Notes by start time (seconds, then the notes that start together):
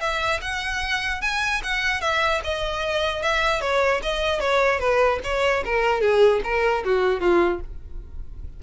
0.00 E5
0.41 F#5
1.21 G#5
1.63 F#5
2.01 E5
2.43 D#5
3.22 E5
3.61 C#5
4.02 D#5
4.40 C#5
4.79 B4
5.23 C#5
5.65 A#4
6.01 G#4
6.43 A#4
6.84 F#4
7.20 F4